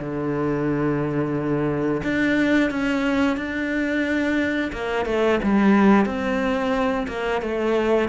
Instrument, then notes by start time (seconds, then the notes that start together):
cello
0.00 D3
2.03 D4
2.71 C#4
3.37 D4
4.73 A#3
5.06 A3
5.43 G3
6.06 C4
7.08 A#3
7.42 A3